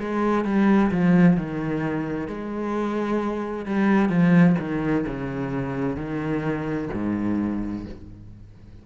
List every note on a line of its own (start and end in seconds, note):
0.00 0.45 G#3
0.45 0.91 G3
0.91 1.37 F3
1.37 2.28 D#3
2.28 3.66 G#3
3.66 4.10 G3
4.10 4.56 F3
4.59 5.06 D#3
5.07 5.97 C#3
5.97 6.89 D#3
6.94 7.86 G#2